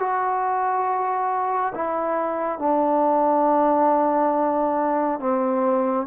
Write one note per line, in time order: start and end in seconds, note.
0.00 1.74 F#4
1.75 2.59 E4
2.59 5.20 D4
5.20 6.07 C4